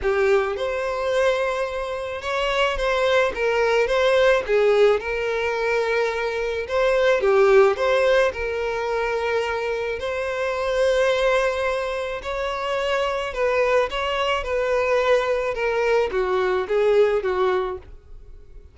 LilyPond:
\new Staff \with { instrumentName = "violin" } { \time 4/4 \tempo 4 = 108 g'4 c''2. | cis''4 c''4 ais'4 c''4 | gis'4 ais'2. | c''4 g'4 c''4 ais'4~ |
ais'2 c''2~ | c''2 cis''2 | b'4 cis''4 b'2 | ais'4 fis'4 gis'4 fis'4 | }